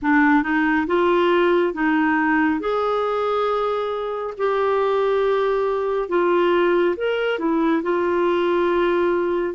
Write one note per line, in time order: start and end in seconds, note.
0.02 0.42 D4
0.42 0.86 D#4
0.87 1.73 F4
1.73 2.60 D#4
2.60 4.34 G#4
4.37 6.08 G4
6.08 6.95 F4
6.96 7.38 A#4
7.38 7.82 E4
7.83 9.54 F4